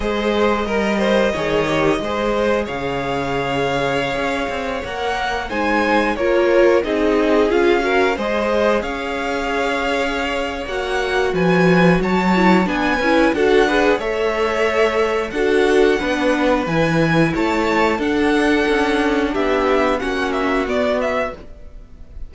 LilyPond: <<
  \new Staff \with { instrumentName = "violin" } { \time 4/4 \tempo 4 = 90 dis''1 | f''2.~ f''16 fis''8.~ | fis''16 gis''4 cis''4 dis''4 f''8.~ | f''16 dis''4 f''2~ f''8. |
fis''4 gis''4 a''4 gis''4 | fis''4 e''2 fis''4~ | fis''4 gis''4 a''4 fis''4~ | fis''4 e''4 fis''8 e''8 d''8 e''8 | }
  \new Staff \with { instrumentName = "violin" } { \time 4/4 c''4 ais'8 c''8 cis''4 c''4 | cis''1~ | cis''16 c''4 ais'4 gis'4. ais'16~ | ais'16 c''4 cis''2~ cis''8.~ |
cis''4 b'4 cis''4 b'4 | a'8 b'8 cis''2 a'4 | b'2 cis''4 a'4~ | a'4 g'4 fis'2 | }
  \new Staff \with { instrumentName = "viola" } { \time 4/4 gis'4 ais'4 gis'8 g'8 gis'4~ | gis'2.~ gis'16 ais'8.~ | ais'16 dis'4 f'4 dis'4 f'8 fis'16~ | fis'16 gis'2.~ gis'8. |
fis'2~ fis'8 e'8 d'8 e'8 | fis'8 gis'8 a'2 fis'4 | d'4 e'2 d'4~ | d'2 cis'4 b4 | }
  \new Staff \with { instrumentName = "cello" } { \time 4/4 gis4 g4 dis4 gis4 | cis2~ cis16 cis'8 c'8 ais8.~ | ais16 gis4 ais4 c'4 cis'8.~ | cis'16 gis4 cis'2~ cis'8. |
ais4 f4 fis4 b8 cis'8 | d'4 a2 d'4 | b4 e4 a4 d'4 | cis'4 b4 ais4 b4 | }
>>